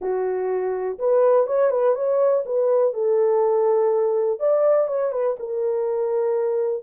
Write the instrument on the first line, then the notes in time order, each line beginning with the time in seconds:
horn
0.01 F#4
0.99 B4
1.46 C#5
1.70 B4
1.95 C#5
2.45 B4
2.93 A4
4.39 D5
4.87 C#5
5.12 B4
5.39 A#4